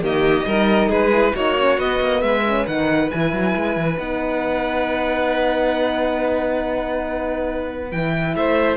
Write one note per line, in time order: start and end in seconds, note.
0.00 0.45 D#3
0.00 0.44 A#3
0.00 0.46 G4
0.00 0.91 D#5
0.45 0.88 G3
0.45 1.12 D#4
0.45 0.89 A#4
0.88 1.32 G#3
0.88 1.33 G#4
0.88 1.35 B4
1.12 1.34 E4
1.33 1.78 A#3
1.33 1.57 D#4
1.33 2.21 F#4
1.33 1.79 C#5
1.57 1.79 C#4
1.78 2.00 B3
1.78 2.45 B3
1.78 2.22 D#5
2.00 2.22 A#3
2.22 2.65 G#3
2.22 8.36 B4
2.22 2.66 E5
2.46 2.67 C#4
2.66 3.11 D#3
2.66 3.10 D#4
2.66 3.10 F#5
3.10 3.32 E3
3.10 3.97 E4
3.10 3.98 G#5
3.32 3.54 F#3
3.56 3.76 G#3
3.76 3.98 E3
3.97 7.92 B3
3.97 7.91 D#4
3.97 7.91 F#5
7.91 8.35 E3
7.91 8.77 E4
7.91 8.35 G5
8.35 8.77 A3
8.35 8.77 C5
8.35 8.77 E5